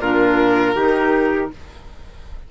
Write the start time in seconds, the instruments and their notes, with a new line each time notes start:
0.00 bassoon A#2, clarinet D4, trumpet F4, violin A#4
0.75 bassoon D#3, clarinet D#4, trumpet G4